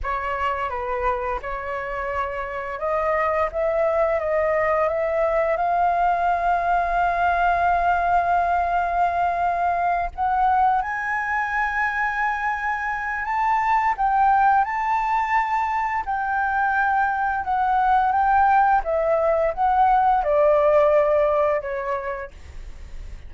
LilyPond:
\new Staff \with { instrumentName = "flute" } { \time 4/4 \tempo 4 = 86 cis''4 b'4 cis''2 | dis''4 e''4 dis''4 e''4 | f''1~ | f''2~ f''8 fis''4 gis''8~ |
gis''2. a''4 | g''4 a''2 g''4~ | g''4 fis''4 g''4 e''4 | fis''4 d''2 cis''4 | }